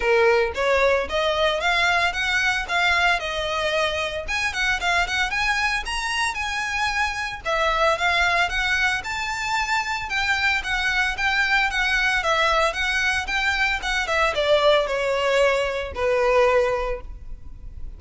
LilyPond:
\new Staff \with { instrumentName = "violin" } { \time 4/4 \tempo 4 = 113 ais'4 cis''4 dis''4 f''4 | fis''4 f''4 dis''2 | gis''8 fis''8 f''8 fis''8 gis''4 ais''4 | gis''2 e''4 f''4 |
fis''4 a''2 g''4 | fis''4 g''4 fis''4 e''4 | fis''4 g''4 fis''8 e''8 d''4 | cis''2 b'2 | }